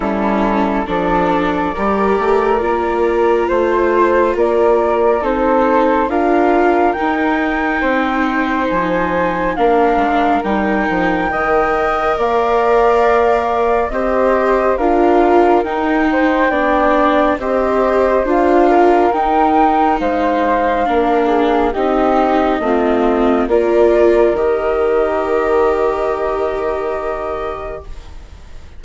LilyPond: <<
  \new Staff \with { instrumentName = "flute" } { \time 4/4 \tempo 4 = 69 a'4 d''2. | c''4 d''4 c''4 f''4 | g''2 gis''4 f''4 | g''2 f''2 |
dis''4 f''4 g''2 | dis''4 f''4 g''4 f''4~ | f''4 dis''2 d''4 | dis''1 | }
  \new Staff \with { instrumentName = "flute" } { \time 4/4 e'4 a'4 ais'2 | c''4 ais'4 a'4 ais'4~ | ais'4 c''2 ais'4~ | ais'4 dis''4 d''2 |
c''4 ais'4. c''8 d''4 | c''4. ais'4. c''4 | ais'8 gis'8 g'4 f'4 ais'4~ | ais'1 | }
  \new Staff \with { instrumentName = "viola" } { \time 4/4 cis'4 d'4 g'4 f'4~ | f'2 dis'4 f'4 | dis'2. d'4 | dis'4 ais'2. |
g'4 f'4 dis'4 d'4 | g'4 f'4 dis'2 | d'4 dis'4 c'4 f'4 | g'1 | }
  \new Staff \with { instrumentName = "bassoon" } { \time 4/4 g4 f4 g8 a8 ais4 | a4 ais4 c'4 d'4 | dis'4 c'4 f4 ais8 gis8 | g8 f8 dis4 ais2 |
c'4 d'4 dis'4 b4 | c'4 d'4 dis'4 gis4 | ais4 c'4 a4 ais4 | dis1 | }
>>